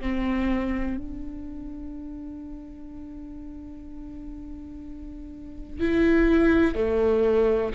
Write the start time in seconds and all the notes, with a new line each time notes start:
0.00 C4
0.97 D4
5.79 E4
6.75 A3